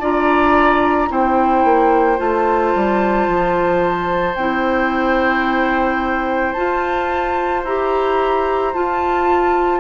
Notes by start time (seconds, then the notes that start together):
0.00 D4 F4 D5 A#5
1.08 C4 E4 C5 G5
1.64 A#3
2.17 A3 F4 A5
2.75 G3
3.28 F3
4.35 C4 E4 G5
6.52 F4 A5
7.64 E4 G4 A#5
8.73 F4 A5